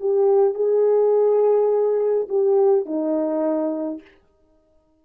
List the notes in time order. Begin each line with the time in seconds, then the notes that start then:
0.00 G4
0.55 G#4
2.29 G4
2.86 D#4